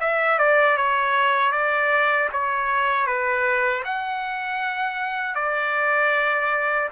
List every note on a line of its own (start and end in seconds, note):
0.00 0.38 E5
0.38 0.77 D5
0.77 1.52 C#5
1.52 2.29 D5
2.33 3.06 C#5
3.06 3.83 B4
3.84 5.35 F#5
5.35 6.89 D5